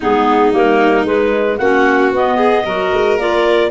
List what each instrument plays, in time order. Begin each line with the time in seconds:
0.00 tuba G#3, clarinet B3 G#4, violin D#4
0.52 tuba G3, clarinet A#3 A#4
1.04 tuba G#3, clarinet G#3 B4
1.57 tuba A#3, clarinet C#4 F#5, violin F#4
2.12 tuba B3, clarinet B3 D#5
2.36 violin G#4
2.64 tuba F#3, clarinet F#4, violin A#4
2.92 tuba G#3
3.17 tuba A#3, clarinet F4 D5